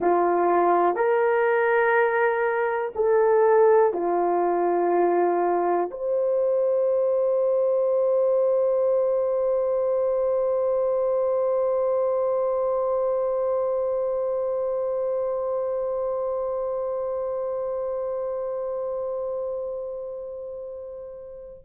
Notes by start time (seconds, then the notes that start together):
0.00 F4
0.95 A#4
2.95 A4
3.93 F4
5.90 C5